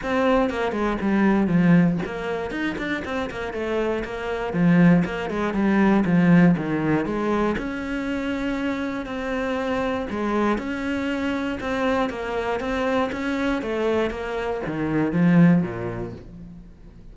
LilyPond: \new Staff \with { instrumentName = "cello" } { \time 4/4 \tempo 4 = 119 c'4 ais8 gis8 g4 f4 | ais4 dis'8 d'8 c'8 ais8 a4 | ais4 f4 ais8 gis8 g4 | f4 dis4 gis4 cis'4~ |
cis'2 c'2 | gis4 cis'2 c'4 | ais4 c'4 cis'4 a4 | ais4 dis4 f4 ais,4 | }